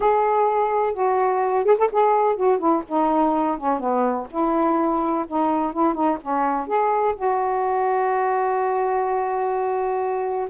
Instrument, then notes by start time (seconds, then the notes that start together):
saxophone
0.00 G#4
0.93 F#4
1.64 G#4
1.77 A4
1.92 G#4
2.35 F#4
2.58 E4
2.87 D#4
3.57 C#4
3.79 B3
4.30 E4
5.27 D#4
5.72 E4
5.94 D#4
6.21 C#4
6.67 G#4
7.15 F#4